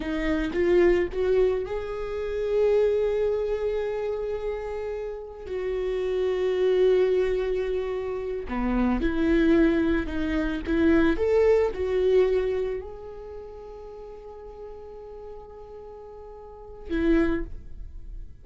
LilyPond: \new Staff \with { instrumentName = "viola" } { \time 4/4 \tempo 4 = 110 dis'4 f'4 fis'4 gis'4~ | gis'1~ | gis'2 fis'2~ | fis'2.~ fis'8 b8~ |
b8 e'2 dis'4 e'8~ | e'8 a'4 fis'2 gis'8~ | gis'1~ | gis'2. e'4 | }